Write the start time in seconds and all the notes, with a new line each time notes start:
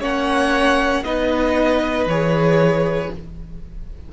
0.00 A#3 C#4 C#5 F#5
1.04 B3 D#4 B4 D#5
2.06 E3 G#4 C#5